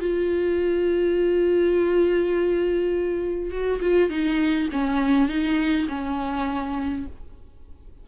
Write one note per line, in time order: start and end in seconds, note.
0.00 3.51 F4
3.51 3.80 F#4
3.81 4.10 F4
4.10 4.68 D#4
4.72 5.28 C#4
5.28 5.87 D#4
5.89 7.06 C#4